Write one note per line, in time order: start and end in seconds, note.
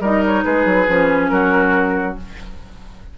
0.00 0.43 G3
0.00 0.88 D#4
0.00 0.44 A#4
0.00 0.24 D#5
0.26 0.44 C#5
0.44 0.65 G#3
0.44 1.31 G#4
0.44 1.29 B4
0.65 0.87 F#3
0.88 1.31 F3
0.88 2.17 C#4
1.29 2.17 F#3
1.29 2.18 F#4
1.29 2.15 A#4